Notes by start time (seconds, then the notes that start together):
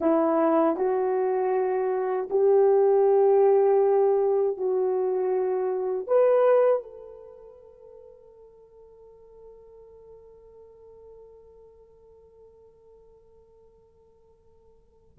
0.00 E4
0.76 F#4
2.30 G4
4.57 F#4
6.07 B4
6.82 A4